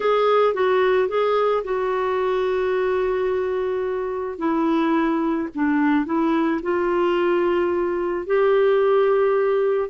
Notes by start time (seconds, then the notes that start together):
0.00 G#4
0.54 F#4
1.08 G#4
1.63 F#4
4.38 E4
5.54 D4
6.06 E4
6.62 F4
8.26 G4